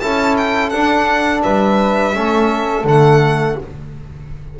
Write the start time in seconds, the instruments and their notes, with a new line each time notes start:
0.00 double bass C#4, trombone E4, flute A4, violin A5
0.38 violin G5
0.70 double bass D4, trombone D4, violin F#5
1.43 double bass G3, flute B4, violin E5
2.14 double bass A3, trombone C#4, flute A4
2.85 double bass D3, trombone A3, violin F#5